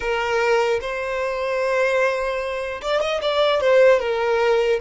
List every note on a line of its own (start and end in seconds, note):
0.00 0.80 A#4
0.81 2.81 C5
2.81 3.00 D5
3.00 3.20 D#5
3.21 3.60 D5
3.60 3.99 C5
3.99 4.79 A#4